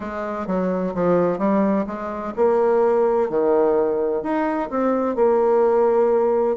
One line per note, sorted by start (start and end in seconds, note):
0.00 0.46 G#3
0.46 0.93 F#3
0.94 1.38 F3
1.38 1.85 G3
1.86 2.33 G#3
2.36 3.29 A#3
3.29 4.22 D#3
4.22 4.69 D#4
4.70 5.15 C4
5.15 6.56 A#3